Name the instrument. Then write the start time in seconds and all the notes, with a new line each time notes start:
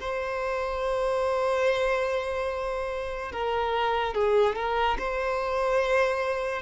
violin
0.00 C5
3.31 A#4
4.14 G#4
4.55 A#4
4.98 C5